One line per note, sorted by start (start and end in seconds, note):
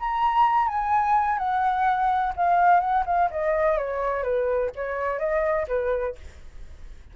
0.00 0.68 A#5
0.68 1.39 G#5
1.39 2.34 F#5
2.37 2.81 F5
2.81 3.04 F#5
3.06 3.30 F5
3.31 3.78 D#5
3.78 4.23 C#5
4.23 4.71 B4
4.76 5.19 C#5
5.19 5.67 D#5
5.68 6.16 B4